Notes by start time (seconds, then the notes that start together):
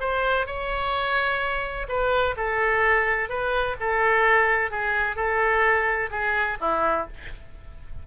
0.00 C5
0.46 C#5
1.88 B4
2.37 A4
3.29 B4
3.80 A4
4.71 G#4
5.16 A4
6.11 G#4
6.61 E4